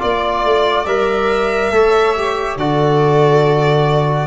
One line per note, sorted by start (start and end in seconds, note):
0.00 0.45 A#3
0.00 0.86 F4
0.00 1.71 D5
0.00 0.86 D5
0.45 0.86 A3
0.86 1.71 G3
0.86 1.73 A#4
0.86 2.58 E5
1.71 2.57 A3
1.71 2.16 A4
1.71 2.59 C#5
2.16 2.59 G4
2.57 4.27 D3
2.57 4.27 F#4
2.57 4.27 A4
2.57 4.27 D5